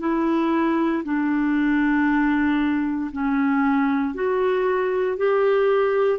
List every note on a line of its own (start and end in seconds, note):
0.00 1.03 E4
1.04 3.11 D4
3.12 4.15 C#4
4.15 5.17 F#4
5.17 6.20 G4